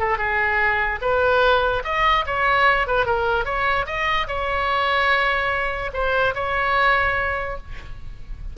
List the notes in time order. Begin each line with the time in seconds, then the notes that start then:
0.00 A4
0.18 G#4
1.02 B4
1.85 D#5
2.27 C#5
2.88 B4
3.06 A#4
3.45 C#5
3.87 D#5
4.28 C#5
5.94 C5
6.35 C#5